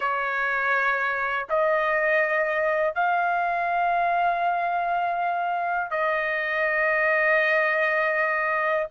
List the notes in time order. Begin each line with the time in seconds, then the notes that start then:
0.00 C#5
1.49 D#5
2.94 F5
5.91 D#5